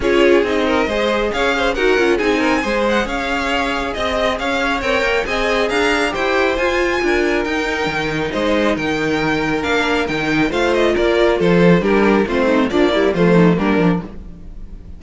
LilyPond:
<<
  \new Staff \with { instrumentName = "violin" } { \time 4/4 \tempo 4 = 137 cis''4 dis''2 f''4 | fis''4 gis''4. fis''8 f''4~ | f''4 dis''4 f''4 g''4 | gis''4 ais''4 g''4 gis''4~ |
gis''4 g''2 dis''4 | g''2 f''4 g''4 | f''8 dis''8 d''4 c''4 ais'4 | c''4 d''4 c''4 ais'4 | }
  \new Staff \with { instrumentName = "violin" } { \time 4/4 gis'4. ais'8 c''4 cis''8 c''8 | ais'4 gis'8 ais'8 c''4 cis''4~ | cis''4 dis''4 cis''2 | dis''4 f''4 c''2 |
ais'2. c''4 | ais'1 | c''4 ais'4 a'4 g'4 | f'8 dis'8 d'8 e'8 f'8 dis'8 d'4 | }
  \new Staff \with { instrumentName = "viola" } { \time 4/4 f'4 dis'4 gis'2 | fis'8 f'8 dis'4 gis'2~ | gis'2. ais'4 | gis'2 g'4 f'4~ |
f'4 dis'2.~ | dis'2 d'4 dis'4 | f'2. d'4 | c'4 f8 g8 a4 ais8 d'8 | }
  \new Staff \with { instrumentName = "cello" } { \time 4/4 cis'4 c'4 gis4 cis'4 | dis'8 cis'8 c'4 gis4 cis'4~ | cis'4 c'4 cis'4 c'8 ais8 | c'4 d'4 e'4 f'4 |
d'4 dis'4 dis4 gis4 | dis2 ais4 dis4 | a4 ais4 f4 g4 | a4 ais4 f4 g8 f8 | }
>>